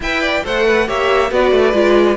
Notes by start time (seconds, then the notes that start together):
0.00 E4 B4 E5 G5
0.21 D5
0.43 A3 A4 C5 F#5
0.66 B4
0.87 A#3 G4 C#5 E5
1.31 B3 F#4 B4 D5
1.51 A3
1.73 G#3 F4